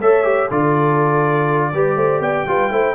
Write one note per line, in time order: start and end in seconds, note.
0.00 0.49 A3
0.00 0.24 A4
0.00 0.49 C#5
0.00 0.51 E5
0.24 0.49 G4
0.49 1.73 D3
0.49 1.73 F4
0.49 1.72 A4
0.49 2.23 D5
1.73 1.96 G3
1.73 2.48 G4
1.73 1.96 B4
1.96 2.21 A3
1.96 2.21 C5
2.21 2.45 B3
2.21 2.45 D5
2.21 2.95 G5
2.46 2.71 G3
2.46 2.71 F4
2.46 2.72 B4
2.71 2.95 A3
2.71 2.95 E4
2.71 2.95 C5